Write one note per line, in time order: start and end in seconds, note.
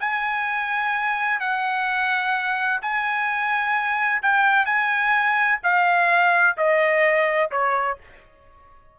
0.00 1.40 G#5
1.40 2.81 F#5
2.82 4.23 G#5
4.23 4.66 G5
4.66 5.60 G#5
5.64 6.57 F5
6.58 7.51 D#5
7.51 7.98 C#5